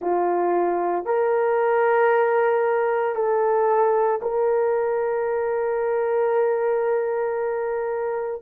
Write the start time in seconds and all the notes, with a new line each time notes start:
0.00 F4
1.05 A#4
3.15 A4
4.22 A#4